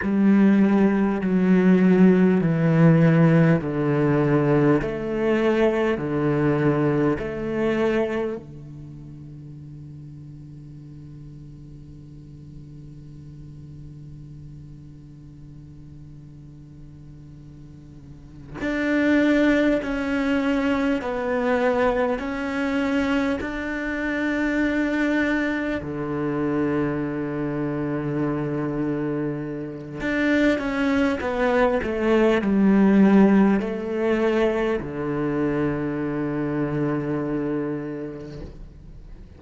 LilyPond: \new Staff \with { instrumentName = "cello" } { \time 4/4 \tempo 4 = 50 g4 fis4 e4 d4 | a4 d4 a4 d4~ | d1~ | d2.~ d8 d'8~ |
d'8 cis'4 b4 cis'4 d'8~ | d'4. d2~ d8~ | d4 d'8 cis'8 b8 a8 g4 | a4 d2. | }